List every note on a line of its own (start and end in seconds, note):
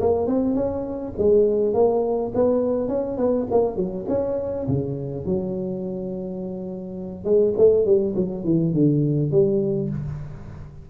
0.00 0.27 A#3
0.27 0.55 C4
0.55 1.13 C#4
1.18 1.74 G#3
1.74 2.32 A#3
2.35 2.88 B3
2.88 3.17 C#4
3.17 3.47 B3
3.51 3.76 A#3
3.76 4.05 F#3
4.08 4.67 C#4
4.68 5.25 C#3
5.25 7.25 F#3
7.25 7.54 G#3
7.58 7.86 A3
7.86 8.15 G3
8.16 8.44 F#3
8.44 8.73 E3
8.73 9.31 D3
9.31 9.89 G3